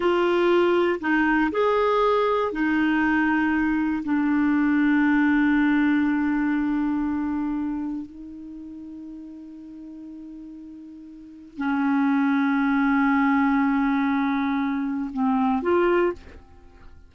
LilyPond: \new Staff \with { instrumentName = "clarinet" } { \time 4/4 \tempo 4 = 119 f'2 dis'4 gis'4~ | gis'4 dis'2. | d'1~ | d'1 |
dis'1~ | dis'2. cis'4~ | cis'1~ | cis'2 c'4 f'4 | }